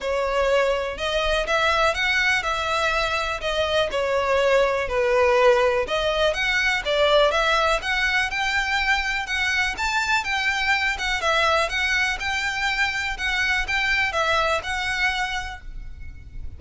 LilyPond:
\new Staff \with { instrumentName = "violin" } { \time 4/4 \tempo 4 = 123 cis''2 dis''4 e''4 | fis''4 e''2 dis''4 | cis''2 b'2 | dis''4 fis''4 d''4 e''4 |
fis''4 g''2 fis''4 | a''4 g''4. fis''8 e''4 | fis''4 g''2 fis''4 | g''4 e''4 fis''2 | }